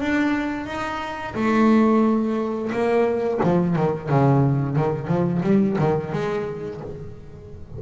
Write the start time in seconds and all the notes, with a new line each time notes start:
0.00 D4
0.66 D#4
1.35 A3
2.72 A#3
3.43 F3
3.75 D#3
4.08 C#3
4.76 D#3
5.07 F3
5.42 G3
5.78 D#3
6.12 G#3